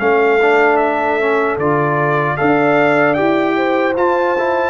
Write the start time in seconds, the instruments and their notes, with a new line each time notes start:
0.00 tuba A3, trombone C#4, horn A4, trumpet F5
0.42 trombone D4
0.77 trumpet E5
1.20 trombone C#4
1.58 tuba D3, trombone F4, trumpet D5
2.37 tuba D4, trombone A4, horn D5, trumpet F5
3.14 tuba E4, trombone G4, trumpet G5
3.57 horn C5
3.97 tuba F4, trombone F4, trumpet A5
4.38 trombone E4